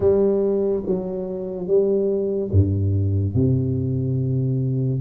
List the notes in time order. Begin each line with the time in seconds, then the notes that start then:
0.00 G3
0.86 F#3
1.67 G3
2.51 G2
3.34 C3